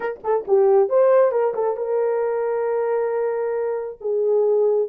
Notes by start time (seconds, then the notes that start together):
0.00 A#4
0.23 A4
0.47 G4
0.89 C5
1.31 A#4
1.54 A4
1.76 A#4
4.00 G#4